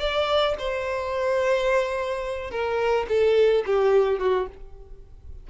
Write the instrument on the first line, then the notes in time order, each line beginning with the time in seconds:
violin
0.00 D5
0.59 C5
2.51 A#4
3.09 A4
3.66 G4
4.19 F#4